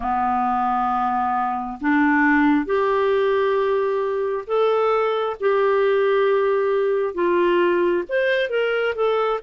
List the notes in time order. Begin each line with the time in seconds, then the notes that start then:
0.00 B3
1.81 D4
2.65 G4
4.47 A4
5.40 G4
7.14 F4
8.08 C5
8.49 A#4
8.95 A4